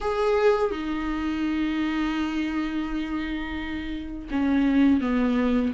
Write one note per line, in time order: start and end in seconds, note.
0.00 0.71 G#4
0.71 4.28 D#4
4.30 5.00 C#4
5.00 5.72 B3